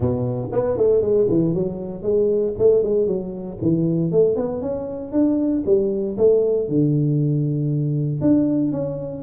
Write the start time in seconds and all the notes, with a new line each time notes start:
0.00 B2
0.52 B3
0.77 A3
1.01 G#3
1.29 E3
1.54 F#3
2.02 G#3
2.58 A3
2.83 G#3
3.07 F#3
3.61 E3
4.11 A3
4.36 B3
4.61 C#4
5.12 D4
5.66 G3
6.17 A3
6.68 D3
8.21 D4
8.72 C#4